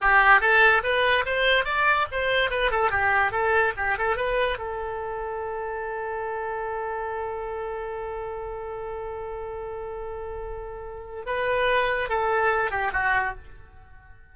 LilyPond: \new Staff \with { instrumentName = "oboe" } { \time 4/4 \tempo 4 = 144 g'4 a'4 b'4 c''4 | d''4 c''4 b'8 a'8 g'4 | a'4 g'8 a'8 b'4 a'4~ | a'1~ |
a'1~ | a'1~ | a'2. b'4~ | b'4 a'4. g'8 fis'4 | }